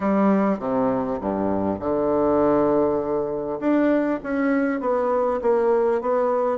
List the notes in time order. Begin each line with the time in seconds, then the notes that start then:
0.00 G3
0.59 C3
1.21 G2
1.79 D3
3.60 D4
4.23 C#4
4.80 B3
5.41 A#3
6.01 B3